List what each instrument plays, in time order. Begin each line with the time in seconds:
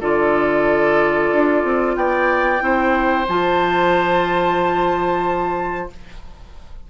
0.00 bassoon D3, clarinet F4, oboe A4, flute D5
1.32 bassoon D4
1.63 bassoon C4
1.96 bassoon B3, oboe D5, flute G5
2.59 bassoon C4, clarinet E4, oboe C5
3.28 bassoon F3, clarinet F4, flute A5